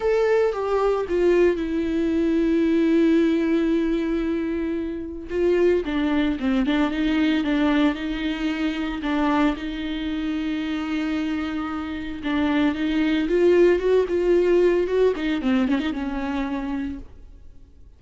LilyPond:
\new Staff \with { instrumentName = "viola" } { \time 4/4 \tempo 4 = 113 a'4 g'4 f'4 e'4~ | e'1~ | e'2 f'4 d'4 | c'8 d'8 dis'4 d'4 dis'4~ |
dis'4 d'4 dis'2~ | dis'2. d'4 | dis'4 f'4 fis'8 f'4. | fis'8 dis'8 c'8 cis'16 dis'16 cis'2 | }